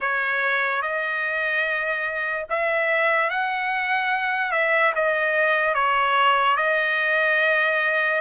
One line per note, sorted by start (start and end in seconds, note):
0.00 0.81 C#5
0.81 2.46 D#5
2.49 3.30 E5
3.30 4.51 F#5
4.51 4.92 E5
4.95 5.74 D#5
5.74 6.56 C#5
6.56 8.21 D#5